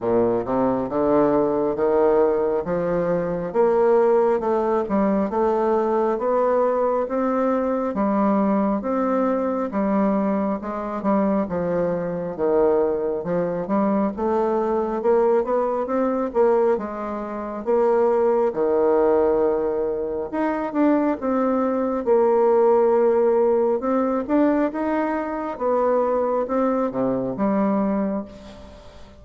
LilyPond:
\new Staff \with { instrumentName = "bassoon" } { \time 4/4 \tempo 4 = 68 ais,8 c8 d4 dis4 f4 | ais4 a8 g8 a4 b4 | c'4 g4 c'4 g4 | gis8 g8 f4 dis4 f8 g8 |
a4 ais8 b8 c'8 ais8 gis4 | ais4 dis2 dis'8 d'8 | c'4 ais2 c'8 d'8 | dis'4 b4 c'8 c8 g4 | }